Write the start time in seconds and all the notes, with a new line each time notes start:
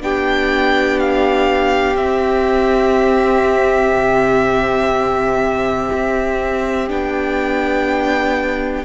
0.00 B3 D4 G4 G5
0.99 F5
1.95 C4 E5
3.92 C3
5.92 C4
6.87 B3 D4 G5